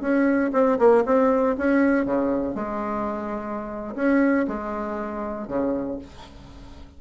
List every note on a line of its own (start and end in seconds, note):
0.00 0.51 C#4
0.52 0.78 C4
0.78 1.04 A#3
1.05 1.56 C4
1.57 2.05 C#4
2.05 2.54 C#3
2.54 3.94 G#3
3.95 4.46 C#4
4.47 5.47 G#3
5.47 5.98 C#3